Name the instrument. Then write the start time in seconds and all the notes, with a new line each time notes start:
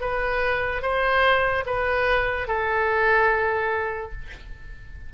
oboe
0.00 B4
0.82 C5
1.66 B4
2.48 A4